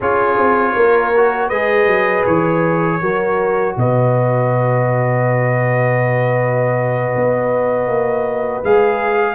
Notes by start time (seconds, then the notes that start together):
0.00 C#4 F4 G#4 C#5
0.37 C4
0.75 A#3 A#4
1.16 F#4
1.48 G#3 G#4 B4 D#5
1.86 F#3
2.26 E3 C#5
3.01 F#3 F#4 A#4
3.76 B2 B4 D#5
7.15 B3
7.87 A#3
8.63 G#3 G#4 F5